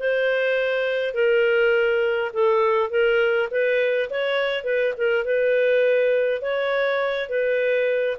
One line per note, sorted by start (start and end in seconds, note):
0.00 1.14 C5
1.14 2.32 A#4
2.33 2.90 A4
2.90 3.49 A#4
3.51 4.10 B4
4.11 4.64 C#5
4.64 4.94 B4
4.98 5.25 A#4
5.25 6.42 B4
6.42 7.30 C#5
7.30 8.18 B4